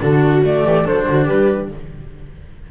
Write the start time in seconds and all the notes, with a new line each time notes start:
0.00 D3 D4 F#4 A4
0.42 A3 D5
0.64 E3 G4
0.85 F#3 D4 A4 C5
1.08 D3 F#4
1.25 G3 G4 B4